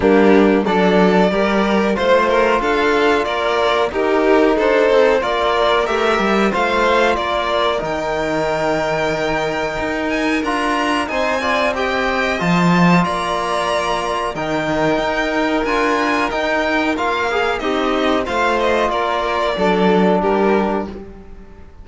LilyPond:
<<
  \new Staff \with { instrumentName = "violin" } { \time 4/4 \tempo 4 = 92 g'4 d''2 c''4 | f''4 d''4 ais'4 c''4 | d''4 e''4 f''4 d''4 | g''2.~ g''8 gis''8 |
ais''4 gis''4 g''4 a''4 | ais''2 g''2 | gis''4 g''4 f''4 dis''4 | f''8 dis''8 d''2 ais'4 | }
  \new Staff \with { instrumentName = "violin" } { \time 4/4 d'4 a'4 ais'4 c''8 ais'8 | a'4 ais'4 g'4 a'4 | ais'2 c''4 ais'4~ | ais'1~ |
ais'4 c''8 d''8 dis''2 | d''2 ais'2~ | ais'2. dis'4 | c''4 ais'4 a'4 g'4 | }
  \new Staff \with { instrumentName = "trombone" } { \time 4/4 ais4 d'4 g'4 f'4~ | f'2 dis'2 | f'4 g'4 f'2 | dis'1 |
f'4 dis'8 f'8 g'4 f'4~ | f'2 dis'2 | f'4 dis'4 f'8 gis'8 g'4 | f'2 d'2 | }
  \new Staff \with { instrumentName = "cello" } { \time 4/4 g4 fis4 g4 a4 | d'4 ais4 dis'4 d'8 c'8 | ais4 a8 g8 a4 ais4 | dis2. dis'4 |
d'4 c'2 f4 | ais2 dis4 dis'4 | d'4 dis'4 ais4 c'4 | a4 ais4 fis4 g4 | }
>>